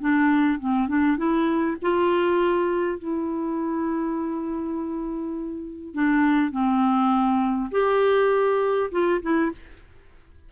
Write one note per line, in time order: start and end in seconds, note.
0.00 0.59 D4
0.60 0.88 C4
0.88 1.17 D4
1.17 1.77 E4
1.82 2.98 F4
2.98 5.94 E4
5.94 6.51 D4
6.51 7.70 C4
7.71 8.90 G4
8.91 9.21 F4
9.22 9.52 E4